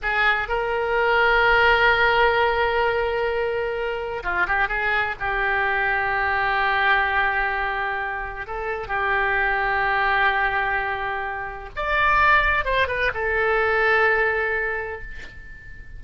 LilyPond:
\new Staff \with { instrumentName = "oboe" } { \time 4/4 \tempo 4 = 128 gis'4 ais'2.~ | ais'1~ | ais'4 f'8 g'8 gis'4 g'4~ | g'1~ |
g'2 a'4 g'4~ | g'1~ | g'4 d''2 c''8 b'8 | a'1 | }